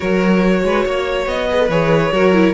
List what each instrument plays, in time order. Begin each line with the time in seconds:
0.00 cello F#3, viola F#4, violin A#4 C#5
0.64 cello G#3, violin B4
0.85 cello A#3, violin C#5
1.26 cello B3, violin D#5
1.49 viola G#4, violin B4
1.58 viola A4
1.69 cello E3, viola G#4, violin C#5
2.11 cello F#3, viola F#4, violin A#4
2.33 viola E4